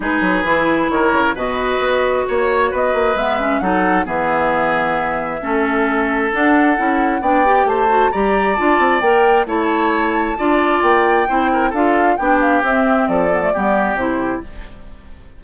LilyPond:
<<
  \new Staff \with { instrumentName = "flute" } { \time 4/4 \tempo 4 = 133 b'2 cis''4 dis''4~ | dis''4 cis''4 dis''4 e''4 | fis''4 e''2.~ | e''2 fis''2 |
g''4 a''4 ais''4 a''4 | g''4 a''2. | g''2 f''4 g''8 f''8 | e''4 d''2 c''4 | }
  \new Staff \with { instrumentName = "oboe" } { \time 4/4 gis'2 ais'4 b'4~ | b'4 cis''4 b'2 | a'4 gis'2. | a'1 |
d''4 c''4 d''2~ | d''4 cis''2 d''4~ | d''4 c''8 ais'8 a'4 g'4~ | g'4 a'4 g'2 | }
  \new Staff \with { instrumentName = "clarinet" } { \time 4/4 dis'4 e'2 fis'4~ | fis'2. b8 cis'8 | dis'4 b2. | cis'2 d'4 e'4 |
d'8 g'4 fis'8 g'4 f'4 | ais'4 e'2 f'4~ | f'4 e'4 f'4 d'4 | c'4. b16 a16 b4 e'4 | }
  \new Staff \with { instrumentName = "bassoon" } { \time 4/4 gis8 fis8 e4 dis8 cis8 b,4 | b4 ais4 b8 ais8 gis4 | fis4 e2. | a2 d'4 cis'4 |
b4 a4 g4 d'8 c'8 | ais4 a2 d'4 | ais4 c'4 d'4 b4 | c'4 f4 g4 c4 | }
>>